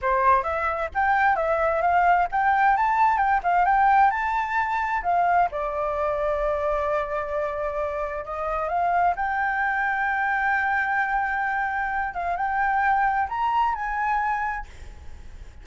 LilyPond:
\new Staff \with { instrumentName = "flute" } { \time 4/4 \tempo 4 = 131 c''4 e''4 g''4 e''4 | f''4 g''4 a''4 g''8 f''8 | g''4 a''2 f''4 | d''1~ |
d''2 dis''4 f''4 | g''1~ | g''2~ g''8 f''8 g''4~ | g''4 ais''4 gis''2 | }